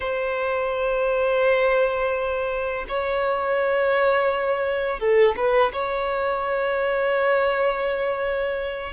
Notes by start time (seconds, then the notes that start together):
0.00 C5
2.88 C#5
4.99 A4
5.36 B4
5.72 C#5